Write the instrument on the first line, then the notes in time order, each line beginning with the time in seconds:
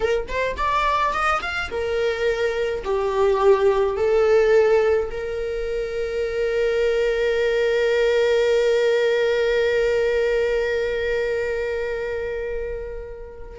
viola
0.00 A#4
0.28 C5
0.57 D5
1.13 D#5
1.41 F5
1.70 A#4
2.84 G4
3.96 A4
5.10 A#4